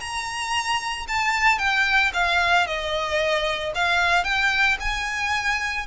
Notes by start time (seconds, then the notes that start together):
0.00 A#5
1.08 A5
1.59 G5
2.14 F5
2.67 D#5
3.75 F5
4.24 G5
4.80 G#5